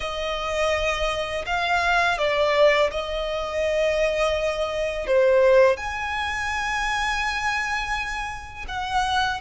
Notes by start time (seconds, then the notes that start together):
0.00 D#5
1.46 F5
2.18 D5
2.90 D#5
5.06 C5
5.76 G#5
8.67 F#5